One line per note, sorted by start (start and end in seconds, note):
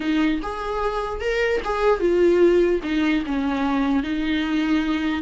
0.00 0.40 D#4
0.42 1.20 G#4
1.20 1.61 A#4
1.64 2.00 G#4
2.00 2.80 F4
2.83 3.23 D#4
3.25 4.03 C#4
4.03 5.22 D#4